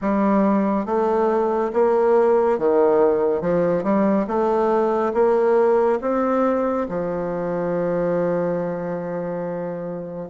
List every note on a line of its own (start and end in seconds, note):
0.01 0.85 G3
0.85 1.71 A3
1.73 2.58 A#3
2.58 3.41 D#3
3.41 3.83 F3
3.83 4.26 G3
4.27 5.12 A3
5.13 5.99 A#3
6.01 6.86 C4
6.88 10.29 F3